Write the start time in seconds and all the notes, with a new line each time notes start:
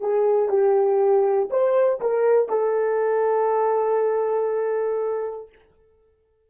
0.00 G#4
0.49 G4
1.50 C5
2.01 A#4
2.50 A4